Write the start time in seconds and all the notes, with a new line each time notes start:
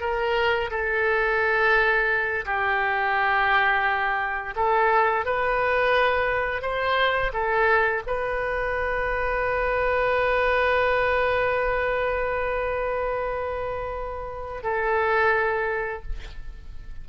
0.00 A#4
0.70 A4
2.45 G4
4.56 A4
5.25 B4
6.62 C5
7.33 A4
8.06 B4
14.63 A4